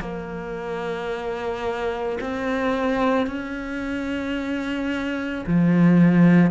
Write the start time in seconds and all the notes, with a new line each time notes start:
0.00 A#3
2.20 C4
3.26 C#4
5.46 F3